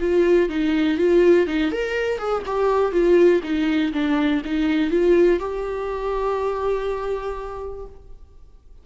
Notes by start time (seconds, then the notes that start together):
0.00 F4
0.49 D#4
0.98 F4
1.47 D#4
1.71 A#4
2.18 G#4
2.46 G4
2.92 F4
3.43 D#4
3.93 D4
4.45 D#4
4.90 F4
5.40 G4